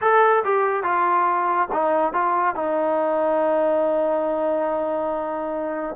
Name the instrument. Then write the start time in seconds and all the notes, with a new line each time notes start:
trombone
0.01 A4
0.44 G4
0.83 F4
1.72 D#4
2.13 F4
2.55 D#4